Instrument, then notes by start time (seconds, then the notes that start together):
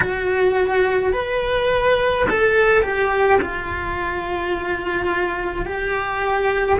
cello
0.00 F#4
1.13 B4
2.30 A4
2.82 G4
3.41 F4
5.65 G4